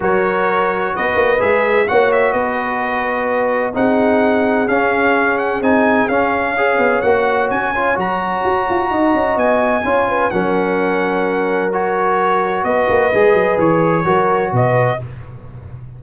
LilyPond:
<<
  \new Staff \with { instrumentName = "trumpet" } { \time 4/4 \tempo 4 = 128 cis''2 dis''4 e''4 | fis''8 e''8 dis''2. | fis''2 f''4. fis''8 | gis''4 f''2 fis''4 |
gis''4 ais''2. | gis''2 fis''2~ | fis''4 cis''2 dis''4~ | dis''4 cis''2 dis''4 | }
  \new Staff \with { instrumentName = "horn" } { \time 4/4 ais'2 b'2 | cis''4 b'2. | gis'1~ | gis'2 cis''2~ |
cis''2. dis''4~ | dis''4 cis''8 b'8 ais'2~ | ais'2. b'4~ | b'2 ais'4 b'4 | }
  \new Staff \with { instrumentName = "trombone" } { \time 4/4 fis'2. gis'4 | fis'1 | dis'2 cis'2 | dis'4 cis'4 gis'4 fis'4~ |
fis'8 f'8 fis'2.~ | fis'4 f'4 cis'2~ | cis'4 fis'2. | gis'2 fis'2 | }
  \new Staff \with { instrumentName = "tuba" } { \time 4/4 fis2 b8 ais8 gis4 | ais4 b2. | c'2 cis'2 | c'4 cis'4. b8 ais4 |
cis'4 fis4 fis'8 f'8 dis'8 cis'8 | b4 cis'4 fis2~ | fis2. b8 ais8 | gis8 fis8 e4 fis4 b,4 | }
>>